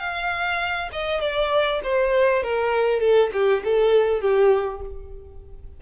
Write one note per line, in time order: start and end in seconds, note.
0.00 0.90 F5
0.92 1.21 D#5
1.21 1.81 D5
1.84 2.44 C5
2.44 3.01 A#4
3.01 3.31 A4
3.34 3.64 G4
3.65 4.21 A4
4.21 4.81 G4